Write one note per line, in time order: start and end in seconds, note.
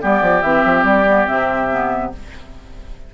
0.00 0.21 G3
0.00 0.42 B3
0.00 2.12 G4
0.00 0.42 D5
0.21 0.42 F3
0.42 0.64 E3
0.42 1.07 C4
0.42 0.84 E5
0.64 0.83 F3
0.83 1.26 G3
0.83 1.27 D5
1.07 1.26 B3
1.26 2.14 C3
1.26 1.69 C4
1.26 2.12 E5
1.70 2.12 B3